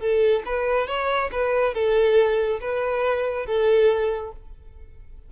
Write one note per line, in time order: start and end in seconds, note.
0.00 0.43 A4
0.45 0.87 B4
0.87 1.30 C#5
1.32 1.74 B4
1.74 2.60 A4
2.61 3.46 B4
3.46 4.32 A4